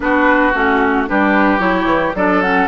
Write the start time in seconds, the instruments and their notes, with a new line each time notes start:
0.00 bassoon B3, clarinet D4, oboe F#4, flute B4
0.51 bassoon A3, clarinet C#4, flute F#4
1.07 bassoon G3, clarinet D4, oboe G4, flute B4
1.58 bassoon F#3, clarinet E4, flute C#5
1.84 bassoon E3
2.14 bassoon F#3, clarinet D4, oboe A4, flute D5
2.41 clarinet C#4, flute F#5